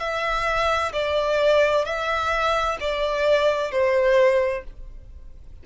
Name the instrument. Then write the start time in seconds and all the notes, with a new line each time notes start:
violin
0.00 E5
0.93 D5
1.85 E5
2.81 D5
3.72 C5